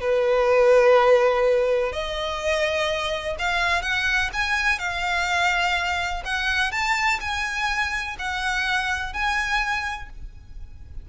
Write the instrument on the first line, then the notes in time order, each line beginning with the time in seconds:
violin
0.00 B4
1.92 D#5
3.39 F5
3.81 F#5
4.33 G#5
4.79 F5
6.24 F#5
6.71 A5
7.20 G#5
8.18 F#5
9.13 G#5